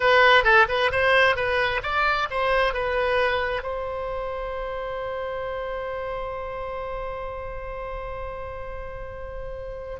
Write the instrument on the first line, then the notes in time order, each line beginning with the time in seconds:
oboe
0.00 B4
0.44 A4
0.68 B4
0.91 C5
1.36 B4
1.83 D5
2.30 C5
2.73 B4
3.62 C5